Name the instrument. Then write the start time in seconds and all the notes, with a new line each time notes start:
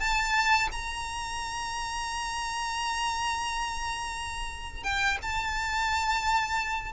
violin
0.00 A5
0.72 A#5
4.84 G5
5.23 A5